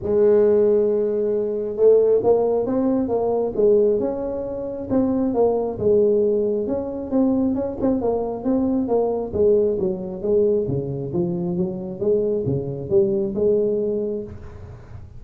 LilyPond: \new Staff \with { instrumentName = "tuba" } { \time 4/4 \tempo 4 = 135 gis1 | a4 ais4 c'4 ais4 | gis4 cis'2 c'4 | ais4 gis2 cis'4 |
c'4 cis'8 c'8 ais4 c'4 | ais4 gis4 fis4 gis4 | cis4 f4 fis4 gis4 | cis4 g4 gis2 | }